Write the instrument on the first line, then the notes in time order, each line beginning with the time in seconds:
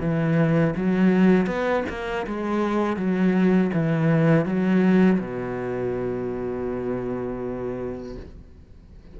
cello
0.00 E3
0.76 F#3
1.46 B3
1.89 A#3
2.26 G#3
2.96 F#3
3.73 E3
4.45 F#3
5.20 B2